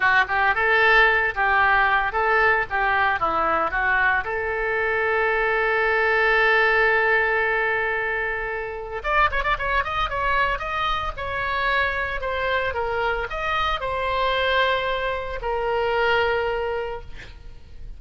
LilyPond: \new Staff \with { instrumentName = "oboe" } { \time 4/4 \tempo 4 = 113 fis'8 g'8 a'4. g'4. | a'4 g'4 e'4 fis'4 | a'1~ | a'1~ |
a'4 d''8 cis''16 d''16 cis''8 dis''8 cis''4 | dis''4 cis''2 c''4 | ais'4 dis''4 c''2~ | c''4 ais'2. | }